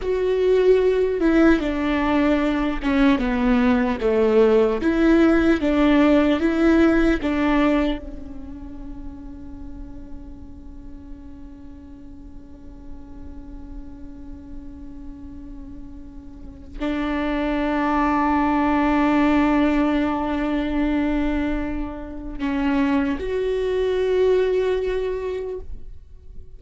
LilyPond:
\new Staff \with { instrumentName = "viola" } { \time 4/4 \tempo 4 = 75 fis'4. e'8 d'4. cis'8 | b4 a4 e'4 d'4 | e'4 d'4 cis'2~ | cis'1~ |
cis'1~ | cis'4 d'2.~ | d'1 | cis'4 fis'2. | }